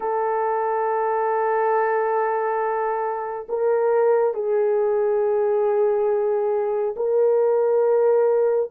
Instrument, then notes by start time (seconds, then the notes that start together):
horn
0.00 A4
3.48 A#4
4.34 G#4
6.96 A#4